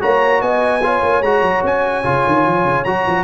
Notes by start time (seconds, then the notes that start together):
0.00 A#3 F#4 C#5 A#5
0.41 B3 D#5 G#5
0.83 F4 C#5
1.02 A#3
1.21 G#3 F#4 A#5
1.41 F#3
1.63 C#4 G#5
2.04 C#3 F4
2.26 D#3
2.46 F3
2.64 C#3
2.84 F#3 F#4 A#5
3.07 F3